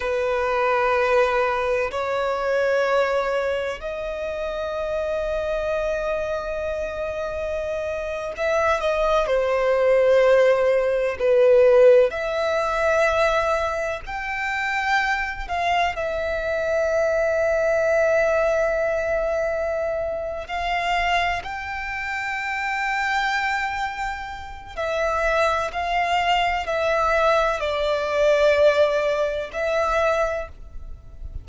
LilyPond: \new Staff \with { instrumentName = "violin" } { \time 4/4 \tempo 4 = 63 b'2 cis''2 | dis''1~ | dis''8. e''8 dis''8 c''2 b'16~ | b'8. e''2 g''4~ g''16~ |
g''16 f''8 e''2.~ e''16~ | e''4. f''4 g''4.~ | g''2 e''4 f''4 | e''4 d''2 e''4 | }